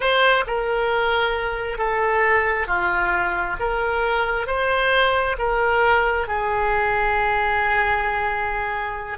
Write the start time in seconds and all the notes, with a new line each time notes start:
0.00 C5
0.46 A#4
1.78 A4
2.67 F4
3.59 A#4
4.47 C5
5.38 A#4
6.27 G#4